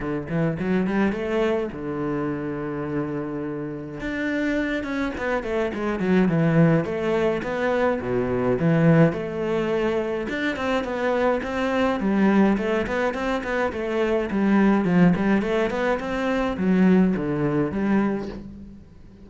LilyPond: \new Staff \with { instrumentName = "cello" } { \time 4/4 \tempo 4 = 105 d8 e8 fis8 g8 a4 d4~ | d2. d'4~ | d'8 cis'8 b8 a8 gis8 fis8 e4 | a4 b4 b,4 e4 |
a2 d'8 c'8 b4 | c'4 g4 a8 b8 c'8 b8 | a4 g4 f8 g8 a8 b8 | c'4 fis4 d4 g4 | }